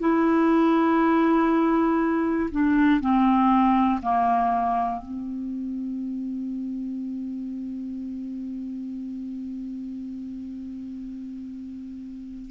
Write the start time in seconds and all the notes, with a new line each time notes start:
0.00 E4
2.51 D4
3.00 C4
4.02 A#3
5.02 C4